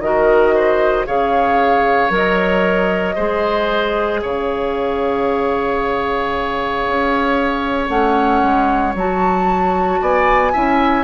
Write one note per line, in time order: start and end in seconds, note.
0.00 1.05 D#3
0.00 1.06 F#4
0.00 0.55 A#4
0.00 1.06 D#5
0.55 1.07 C5
1.06 2.10 C#3
1.06 2.10 G#4
1.06 3.16 C#5
1.06 2.12 F5
2.10 3.15 F#3
2.10 3.15 A#4
2.10 4.20 D#5
3.16 4.23 G#3
3.16 7.89 G#4
3.16 4.21 C5
4.20 6.87 C#3
4.20 10.01 C#5
4.20 7.88 F5
6.87 7.90 C#4
7.88 8.42 A3
7.88 8.94 C#4
7.88 8.94 F#5
8.43 8.95 G#3
8.95 10.00 F#3
8.95 10.54 F#4
8.95 10.04 A5
10.01 10.54 B3
10.01 10.53 D5
10.01 11.05 G#5
10.53 11.05 C#4
10.53 11.05 E4
10.53 11.05 E5